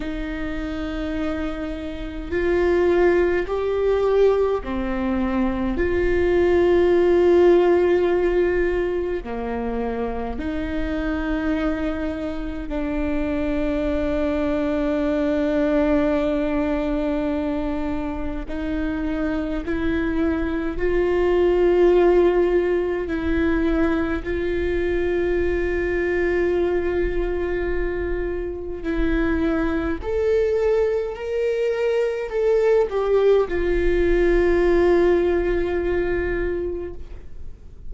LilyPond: \new Staff \with { instrumentName = "viola" } { \time 4/4 \tempo 4 = 52 dis'2 f'4 g'4 | c'4 f'2. | ais4 dis'2 d'4~ | d'1 |
dis'4 e'4 f'2 | e'4 f'2.~ | f'4 e'4 a'4 ais'4 | a'8 g'8 f'2. | }